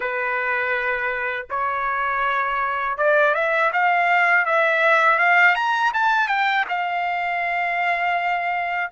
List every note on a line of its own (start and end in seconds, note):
0.00 1.46 B4
1.50 2.97 C#5
2.97 3.34 D5
3.34 3.71 E5
3.72 4.45 F5
4.45 5.18 E5
5.18 5.55 F5
5.55 5.92 A#5
5.93 6.28 A5
6.28 6.65 G5
6.68 8.91 F5